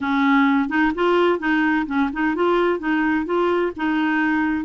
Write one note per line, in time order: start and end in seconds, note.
0.00 0.68 C#4
0.68 0.92 D#4
0.94 1.39 F4
1.39 1.85 D#4
1.86 2.09 C#4
2.12 2.35 D#4
2.35 2.79 F4
2.79 3.25 D#4
3.25 3.72 F4
3.76 4.64 D#4